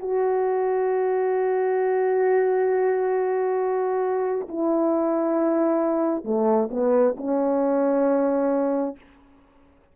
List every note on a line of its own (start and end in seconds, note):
0.00 4.48 F#4
4.49 6.24 E4
6.24 6.69 A3
6.71 7.16 B3
7.18 8.97 C#4